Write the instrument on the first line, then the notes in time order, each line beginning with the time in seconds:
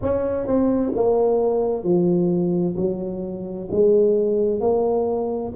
tuba
0.02 C#4
0.46 C4
0.94 A#3
1.83 F3
2.76 F#3
3.71 G#3
4.60 A#3